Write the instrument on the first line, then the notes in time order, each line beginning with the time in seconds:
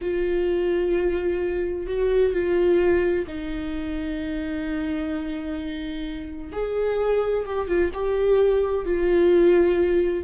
viola
0.01 F4
1.86 F#4
2.32 F4
3.27 D#4
6.52 G#4
7.45 G4
7.67 F4
7.93 G4
8.85 F4